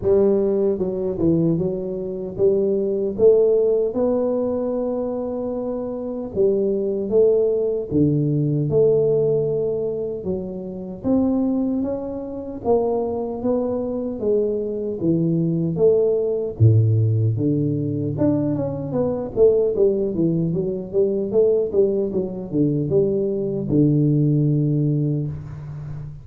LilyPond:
\new Staff \with { instrumentName = "tuba" } { \time 4/4 \tempo 4 = 76 g4 fis8 e8 fis4 g4 | a4 b2. | g4 a4 d4 a4~ | a4 fis4 c'4 cis'4 |
ais4 b4 gis4 e4 | a4 a,4 d4 d'8 cis'8 | b8 a8 g8 e8 fis8 g8 a8 g8 | fis8 d8 g4 d2 | }